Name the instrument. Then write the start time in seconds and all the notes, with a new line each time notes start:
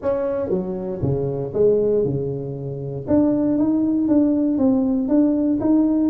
tuba
0.02 C#4
0.49 F#3
1.02 C#3
1.53 G#3
2.04 C#3
3.07 D4
3.58 D#4
4.08 D4
4.58 C4
5.08 D4
5.60 D#4